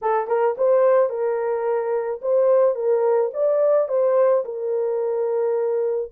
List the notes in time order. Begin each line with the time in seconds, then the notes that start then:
0.01 A4
0.27 A#4
0.57 C5
1.09 A#4
2.21 C5
2.75 A#4
3.33 D5
3.88 C5
4.44 A#4